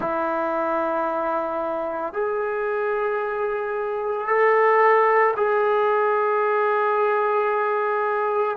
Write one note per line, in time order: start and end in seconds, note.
0.00 2.13 E4
2.13 4.27 G#4
4.27 5.34 A4
5.36 8.57 G#4